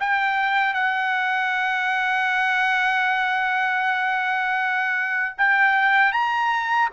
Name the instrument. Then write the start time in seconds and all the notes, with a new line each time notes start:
trumpet
0.00 G5
0.74 F#5
5.38 G5
6.12 A#5